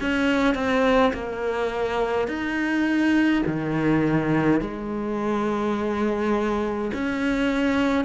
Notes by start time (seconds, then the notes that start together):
0.00 C#4
0.54 C4
1.13 A#3
2.27 D#4
3.46 D#3
4.60 G#3
6.93 C#4